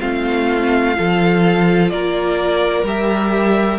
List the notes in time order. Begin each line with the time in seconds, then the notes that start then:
0.00 A3 C4 F4 F5
0.94 F3 F4 A4
1.90 A#3 A#4 D5
2.83 G3 G4 E5